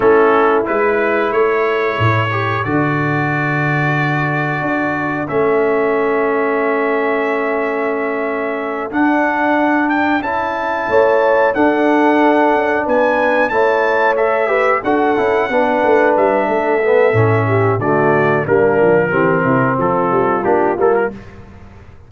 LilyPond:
<<
  \new Staff \with { instrumentName = "trumpet" } { \time 4/4 \tempo 4 = 91 a'4 b'4 cis''2 | d''1 | e''1~ | e''4. fis''4. g''8 a''8~ |
a''4. fis''2 gis''8~ | gis''8 a''4 e''4 fis''4.~ | fis''8 e''2~ e''8 d''4 | ais'2 a'4 g'8 a'16 ais'16 | }
  \new Staff \with { instrumentName = "horn" } { \time 4/4 e'2 a'2~ | a'1~ | a'1~ | a'1~ |
a'8 cis''4 a'2 b'8~ | b'8 cis''4. b'8 a'4 b'8~ | b'4 a'4. g'8 fis'4 | d'4 g'8 e'8 f'2 | }
  \new Staff \with { instrumentName = "trombone" } { \time 4/4 cis'4 e'2~ e'8 g'8 | fis'1 | cis'1~ | cis'4. d'2 e'8~ |
e'4. d'2~ d'8~ | d'8 e'4 a'8 g'8 fis'8 e'8 d'8~ | d'4. b8 cis'4 a4 | ais4 c'2 d'8 ais8 | }
  \new Staff \with { instrumentName = "tuba" } { \time 4/4 a4 gis4 a4 a,4 | d2. d'4 | a1~ | a4. d'2 cis'8~ |
cis'8 a4 d'4. cis'8 b8~ | b8 a2 d'8 cis'8 b8 | a8 g8 a4 a,4 d4 | g8 f8 e8 c8 f8 g8 ais8 g8 | }
>>